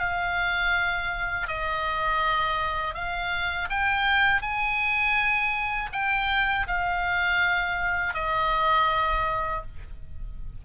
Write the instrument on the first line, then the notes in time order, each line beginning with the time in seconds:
oboe
0.00 F5
1.48 D#5
2.95 F5
3.70 G5
4.42 G#5
5.93 G5
6.68 F5
8.14 D#5